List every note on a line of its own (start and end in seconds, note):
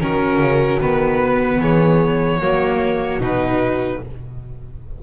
0.00 0.39 D#3
0.00 0.80 C#4
0.00 1.61 F#4
0.00 0.80 A#4
0.39 0.79 C#3
0.80 1.60 D#3
0.80 2.41 B3
0.80 1.61 B4
1.60 2.40 E3
1.60 2.40 G#4
1.60 3.21 C#5
2.40 3.19 F#3
2.40 3.21 A#3
2.40 4.00 F#4
3.19 3.99 B2
3.19 4.01 D#4
3.19 4.03 B4